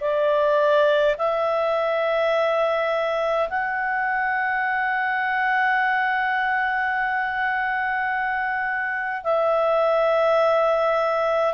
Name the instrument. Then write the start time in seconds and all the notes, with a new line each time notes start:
clarinet
0.00 D5
1.18 E5
3.49 F#5
9.23 E5